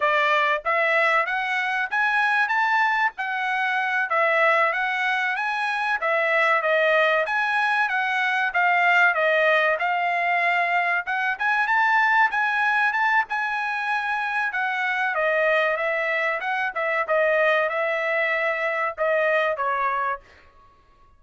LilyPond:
\new Staff \with { instrumentName = "trumpet" } { \time 4/4 \tempo 4 = 95 d''4 e''4 fis''4 gis''4 | a''4 fis''4. e''4 fis''8~ | fis''8 gis''4 e''4 dis''4 gis''8~ | gis''8 fis''4 f''4 dis''4 f''8~ |
f''4. fis''8 gis''8 a''4 gis''8~ | gis''8 a''8 gis''2 fis''4 | dis''4 e''4 fis''8 e''8 dis''4 | e''2 dis''4 cis''4 | }